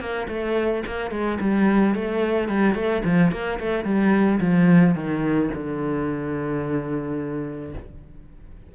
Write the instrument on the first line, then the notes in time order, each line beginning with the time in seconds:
cello
0.00 A#3
0.29 A3
0.87 A#3
1.11 G#3
1.41 G3
1.95 A3
2.49 G3
2.75 A3
3.05 F3
3.32 A#3
3.60 A3
3.85 G3
4.41 F3
4.95 D#3
5.54 D3